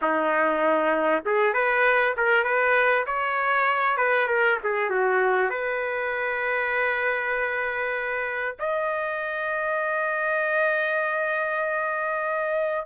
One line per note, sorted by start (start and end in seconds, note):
0.01 1.24 D#4
1.25 1.53 G#4
1.53 2.14 B4
2.16 2.44 A#4
2.44 3.05 B4
3.06 3.97 C#5
3.97 4.27 B4
4.27 4.58 A#4
4.63 4.90 G#4
4.90 5.50 F#4
5.50 8.56 B4
8.59 12.86 D#5